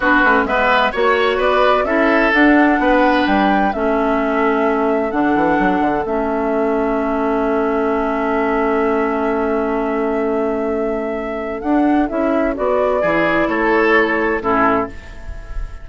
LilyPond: <<
  \new Staff \with { instrumentName = "flute" } { \time 4/4 \tempo 4 = 129 b'4 e''4 cis''4 d''4 | e''4 fis''2 g''4 | e''2. fis''4~ | fis''4 e''2.~ |
e''1~ | e''1~ | e''4 fis''4 e''4 d''4~ | d''4 cis''2 a'4 | }
  \new Staff \with { instrumentName = "oboe" } { \time 4/4 fis'4 b'4 cis''4 b'4 | a'2 b'2 | a'1~ | a'1~ |
a'1~ | a'1~ | a'1 | gis'4 a'2 e'4 | }
  \new Staff \with { instrumentName = "clarinet" } { \time 4/4 d'8 cis'8 b4 fis'2 | e'4 d'2. | cis'2. d'4~ | d'4 cis'2.~ |
cis'1~ | cis'1~ | cis'4 d'4 e'4 fis'4 | e'2. cis'4 | }
  \new Staff \with { instrumentName = "bassoon" } { \time 4/4 b8 a8 gis4 ais4 b4 | cis'4 d'4 b4 g4 | a2. d8 e8 | fis8 d8 a2.~ |
a1~ | a1~ | a4 d'4 cis'4 b4 | e4 a2 a,4 | }
>>